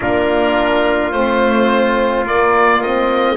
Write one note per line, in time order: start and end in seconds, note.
0.00 1.13 A#3
0.00 1.14 D4
0.00 3.37 F4
0.00 1.11 A#4
1.11 2.25 A3
1.11 2.25 C4
1.11 2.24 C5
2.25 3.37 A#3
2.25 2.82 A#3
2.25 2.82 D5
2.82 3.37 C4
2.82 3.37 D#5